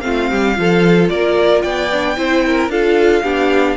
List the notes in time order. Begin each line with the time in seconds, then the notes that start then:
0.00 A3 C4 F4 F5
0.30 G3 G4
0.55 F3 F4 A4
1.09 A#3 A#4 D5
1.62 B3 D5 G5
1.92 D4
2.16 C4 E4 C5
2.46 A#4
2.68 D4 F4 A4 F5
3.23 B3 D4 G4